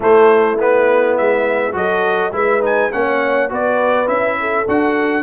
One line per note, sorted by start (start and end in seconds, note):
0.00 0.57 A3
0.00 1.17 A3
0.00 1.75 E4
0.00 0.60 C5
0.59 1.72 B3
0.59 1.17 B4
1.17 1.73 G#3
1.17 1.75 E5
1.72 2.32 F#3
1.72 2.30 F#4
1.72 2.33 A4
1.72 2.34 D#5
2.32 2.90 G#3
2.32 2.61 E4
2.32 2.91 B4
2.32 2.64 E5
2.61 2.90 D#4
2.61 2.92 G#5
2.92 3.51 A#3
2.92 3.49 C#4
2.92 3.49 C#5
2.92 3.50 F#5
3.49 4.07 B3
3.49 4.06 F#4
3.49 4.37 B4
3.49 4.08 D5
4.06 4.66 C#4
4.06 4.64 E4
4.06 4.66 E5
4.39 5.22 A4
4.67 5.22 D4
4.67 5.22 F#4
4.67 5.22 F#5